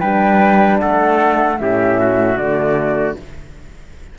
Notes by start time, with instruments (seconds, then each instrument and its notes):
0.00 cello G3, horn D4, trumpet B4, flute G5
0.80 cello A3, trumpet A4, flute F#5
1.59 cello A2, horn C#4, trumpet G4, flute E5
2.00 trumpet F#4
2.37 cello D3, horn A3, flute D5